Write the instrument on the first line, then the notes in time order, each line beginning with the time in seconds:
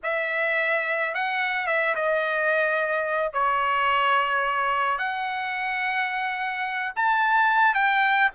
trumpet
0.03 E5
1.14 F#5
1.66 E5
1.95 D#5
3.32 C#5
4.98 F#5
6.95 A5
7.74 G5